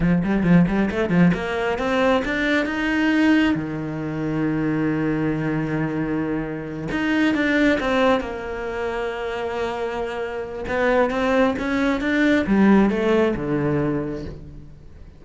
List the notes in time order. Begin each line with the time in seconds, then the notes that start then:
0.00 F3
0.24 G3
0.43 F3
0.67 G3
0.90 A3
1.09 F3
1.34 A#3
1.78 C4
2.24 D4
2.65 D#4
3.55 D#3
6.91 D#4
7.34 D4
7.80 C4
8.20 A#3
10.67 B3
11.10 C4
11.58 C#4
12.00 D4
12.46 G3
12.89 A3
13.36 D3